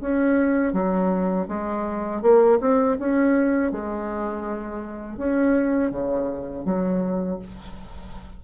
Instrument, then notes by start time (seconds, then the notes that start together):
bassoon
0.00 C#4
0.72 F#3
1.47 G#3
2.22 A#3
2.60 C4
2.99 C#4
3.71 G#3
5.17 C#4
5.91 C#3
6.64 F#3